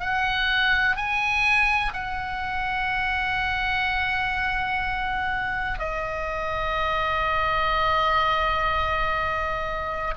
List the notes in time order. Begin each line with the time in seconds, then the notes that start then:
0.00 F#5
0.96 G#5
1.94 F#5
5.79 D#5